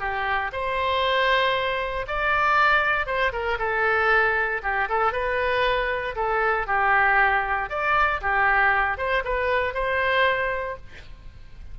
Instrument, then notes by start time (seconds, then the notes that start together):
oboe
0.00 G4
0.52 C5
2.08 D5
3.07 C5
3.33 A#4
3.59 A4
4.63 G4
4.89 A4
5.13 B4
6.16 A4
6.67 G4
7.70 D5
8.21 G4
8.98 C5
9.25 B4
9.74 C5